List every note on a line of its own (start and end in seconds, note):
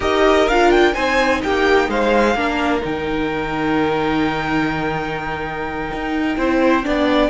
0.00 0.47 D#4
0.00 0.47 G4
0.00 0.94 A#4
0.00 0.48 D#5
0.47 0.94 D4
0.47 0.93 F4
0.47 0.70 F5
0.70 0.94 G5
0.93 1.43 C4
0.93 2.35 D#4
0.93 1.41 C5
0.93 1.41 G#5
1.42 1.88 A#3
1.42 1.89 G4
1.42 1.90 G5
1.88 2.34 G#3
1.88 2.36 C5
1.88 2.84 F5
2.34 2.81 A#3
2.34 2.81 D4
2.34 6.37 A#4
2.81 5.91 D#3
2.81 6.35 D#4
2.81 7.29 G5
5.93 6.37 D#4
6.36 6.84 C4
6.36 6.83 E4
6.36 6.85 C5
6.83 7.29 B3
6.83 7.29 D4
6.83 7.29 D5